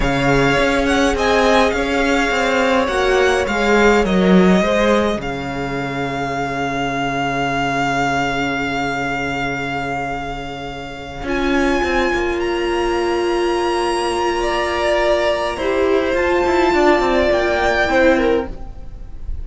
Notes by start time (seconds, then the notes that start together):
0.00 C#3 G#4 C#5 F5
0.59 C#4
0.86 F#5
1.14 C4 D#5 G#5
1.70 C#4 F5
1.76 C#5
2.30 C4
2.87 A#3 F#4 F#5
3.47 G#3 G#4 F5
4.04 F#3 A#4 D#5
4.61 G#3 G#4 C5
5.16 C#3 C#5 F5
11.23 C#4 F4 G#5
11.83 C4
12.13 A#3
12.40 A#5
14.41 D5
15.56 E4 G4 C5
16.13 F4 A5
16.46 E4
16.73 D4 D5
16.99 C4
17.31 A#3 G5
17.85 C4 E4 C5
18.18 A#4